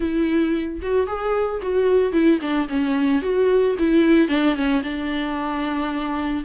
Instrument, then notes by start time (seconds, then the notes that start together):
viola
0.00 E4
0.82 F#4
1.06 G#4
1.62 F#4
2.12 E4
2.41 D4
2.68 C#4
3.21 F#4
3.78 E4
4.28 D4
4.55 C#4
4.83 D4